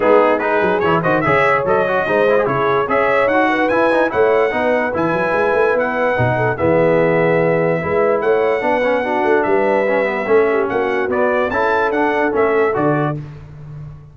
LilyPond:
<<
  \new Staff \with { instrumentName = "trumpet" } { \time 4/4 \tempo 4 = 146 gis'4 b'4 cis''8 dis''8 e''4 | dis''2 cis''4 e''4 | fis''4 gis''4 fis''2 | gis''2 fis''2 |
e''1 | fis''2. e''4~ | e''2 fis''4 d''4 | a''4 fis''4 e''4 d''4 | }
  \new Staff \with { instrumentName = "horn" } { \time 4/4 dis'4 gis'4. c''8 cis''4~ | cis''4 c''4 gis'4 cis''4~ | cis''8 b'4. cis''4 b'4~ | b'2.~ b'8 a'8 |
gis'2. b'4 | cis''4 b'4 fis'4 b'4~ | b'4 a'8 g'8 fis'2 | a'1 | }
  \new Staff \with { instrumentName = "trombone" } { \time 4/4 b4 dis'4 e'8 fis'8 gis'4 | a'8 fis'8 dis'8 e'16 gis'16 e'4 gis'4 | fis'4 e'8 dis'8 e'4 dis'4 | e'2. dis'4 |
b2. e'4~ | e'4 d'8 cis'8 d'2 | cis'8 b8 cis'2 b4 | e'4 d'4 cis'4 fis'4 | }
  \new Staff \with { instrumentName = "tuba" } { \time 4/4 gis4. fis8 e8 dis8 cis4 | fis4 gis4 cis4 cis'4 | dis'4 e'4 a4 b4 | e8 fis8 gis8 a8 b4 b,4 |
e2. gis4 | a4 b4. a8 g4~ | g4 a4 ais4 b4 | cis'4 d'4 a4 d4 | }
>>